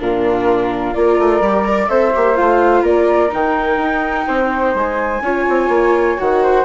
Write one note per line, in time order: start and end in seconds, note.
0.00 0.95 A#2
0.00 0.95 D4
0.00 0.97 F4
0.00 0.94 A#4
0.94 1.19 A#3
0.94 1.42 F4
0.94 1.68 A#4
0.94 1.88 D5
1.19 1.40 A3
1.40 1.88 G3
1.40 1.65 G4
1.65 1.88 A#4
1.65 1.90 D5
1.88 2.14 C4
1.88 2.13 A4
1.88 2.82 C5
1.88 2.36 E5
2.15 2.39 A#3
2.15 2.35 G4
2.35 2.83 A3
2.35 3.29 F4
2.35 2.84 F5
2.82 3.30 A#3
2.82 4.25 A#4
2.82 3.32 D5
3.29 3.77 D#3
3.29 5.19 D#4
3.29 4.77 G5
3.77 4.25 D#4
4.27 4.74 C4
4.27 5.22 C5
4.74 5.21 G#3
4.74 6.19 G#5
5.21 5.45 C#4
5.21 6.17 F4
5.21 6.43 C#5
5.49 5.68 C4
5.68 6.16 A#3
6.17 6.65 D#3
6.17 6.65 F#4
6.17 6.65 F#5
6.43 6.65 C5